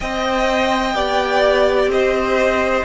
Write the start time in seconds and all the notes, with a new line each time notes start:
0.00 C4 C5 D#5 G5
0.94 B3 G4 D5
1.87 C4 C5 D#5